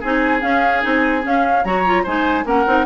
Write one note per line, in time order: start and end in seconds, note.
0.00 0.42 C4
0.00 0.40 D#4
0.00 1.63 G#4
0.00 0.42 G#5
0.40 0.81 C#4
0.40 0.83 C#4
0.40 0.82 F5
0.81 1.24 C4
0.81 1.22 D#4
0.81 1.24 G#5
1.22 1.63 C#4
1.22 1.64 C#4
1.22 1.64 F5
1.64 2.05 F#3
1.64 1.85 F#4
1.64 2.03 C#5
1.64 2.05 A#5
1.85 2.05 F4
2.03 2.44 G#3
2.03 2.45 D#4
2.03 2.44 C5
2.03 2.46 G#5
2.44 2.65 A#3
2.44 2.65 C#4
2.44 2.86 A#4
2.44 2.86 F#5
2.66 2.86 C4
2.66 2.86 D#4